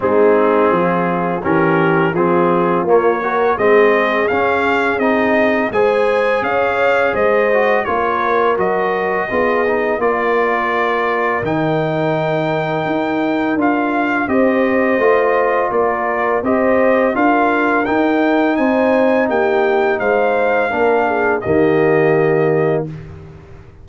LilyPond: <<
  \new Staff \with { instrumentName = "trumpet" } { \time 4/4 \tempo 4 = 84 gis'2 ais'4 gis'4 | cis''4 dis''4 f''4 dis''4 | gis''4 f''4 dis''4 cis''4 | dis''2 d''2 |
g''2. f''4 | dis''2 d''4 dis''4 | f''4 g''4 gis''4 g''4 | f''2 dis''2 | }
  \new Staff \with { instrumentName = "horn" } { \time 4/4 dis'4 f'4 g'4 f'4~ | f'8 ais'8 gis'2. | c''4 cis''4 c''4 ais'4~ | ais'4 gis'4 ais'2~ |
ais'1 | c''2 ais'4 c''4 | ais'2 c''4 g'4 | c''4 ais'8 gis'8 g'2 | }
  \new Staff \with { instrumentName = "trombone" } { \time 4/4 c'2 cis'4 c'4 | ais8 fis'8 c'4 cis'4 dis'4 | gis'2~ gis'8 fis'8 f'4 | fis'4 f'8 dis'8 f'2 |
dis'2. f'4 | g'4 f'2 g'4 | f'4 dis'2.~ | dis'4 d'4 ais2 | }
  \new Staff \with { instrumentName = "tuba" } { \time 4/4 gis4 f4 e4 f4 | ais4 gis4 cis'4 c'4 | gis4 cis'4 gis4 ais4 | fis4 b4 ais2 |
dis2 dis'4 d'4 | c'4 a4 ais4 c'4 | d'4 dis'4 c'4 ais4 | gis4 ais4 dis2 | }
>>